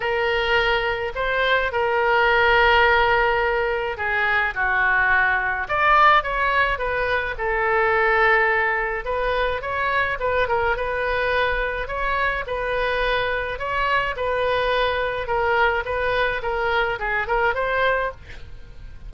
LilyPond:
\new Staff \with { instrumentName = "oboe" } { \time 4/4 \tempo 4 = 106 ais'2 c''4 ais'4~ | ais'2. gis'4 | fis'2 d''4 cis''4 | b'4 a'2. |
b'4 cis''4 b'8 ais'8 b'4~ | b'4 cis''4 b'2 | cis''4 b'2 ais'4 | b'4 ais'4 gis'8 ais'8 c''4 | }